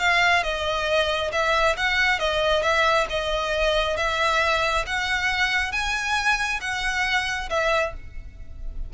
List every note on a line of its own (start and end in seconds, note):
0.00 0.43 F5
0.43 1.32 D#5
1.32 1.76 E5
1.77 2.20 F#5
2.20 2.63 D#5
2.63 3.07 E5
3.10 3.97 D#5
3.97 4.85 E5
4.87 5.72 F#5
5.72 6.61 G#5
6.61 7.50 F#5
7.50 7.94 E5